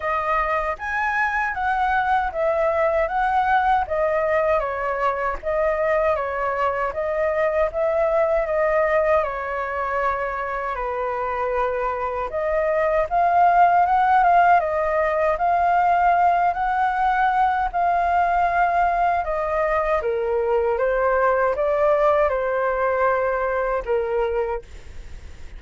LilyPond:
\new Staff \with { instrumentName = "flute" } { \time 4/4 \tempo 4 = 78 dis''4 gis''4 fis''4 e''4 | fis''4 dis''4 cis''4 dis''4 | cis''4 dis''4 e''4 dis''4 | cis''2 b'2 |
dis''4 f''4 fis''8 f''8 dis''4 | f''4. fis''4. f''4~ | f''4 dis''4 ais'4 c''4 | d''4 c''2 ais'4 | }